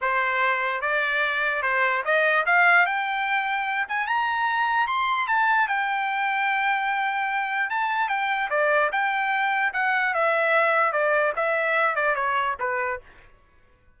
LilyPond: \new Staff \with { instrumentName = "trumpet" } { \time 4/4 \tempo 4 = 148 c''2 d''2 | c''4 dis''4 f''4 g''4~ | g''4. gis''8 ais''2 | c'''4 a''4 g''2~ |
g''2. a''4 | g''4 d''4 g''2 | fis''4 e''2 d''4 | e''4. d''8 cis''4 b'4 | }